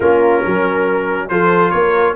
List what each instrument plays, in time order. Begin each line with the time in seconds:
0.00 tuba A#3, trombone C#4, horn F4, trumpet A#4
0.42 tuba F#3, horn A#4
1.28 tuba F3, trombone F4, horn A4, trumpet C5
1.71 tuba A#3, horn A#4, trumpet C#5